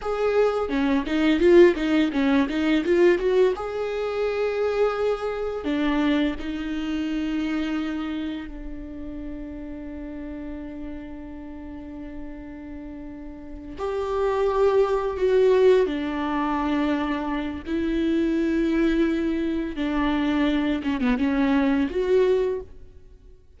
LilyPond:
\new Staff \with { instrumentName = "viola" } { \time 4/4 \tempo 4 = 85 gis'4 cis'8 dis'8 f'8 dis'8 cis'8 dis'8 | f'8 fis'8 gis'2. | d'4 dis'2. | d'1~ |
d'2.~ d'8 g'8~ | g'4. fis'4 d'4.~ | d'4 e'2. | d'4. cis'16 b16 cis'4 fis'4 | }